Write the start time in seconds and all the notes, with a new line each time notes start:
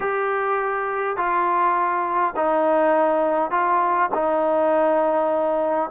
0.00 G4
1.16 F4
2.36 D#4
3.50 F4
4.13 D#4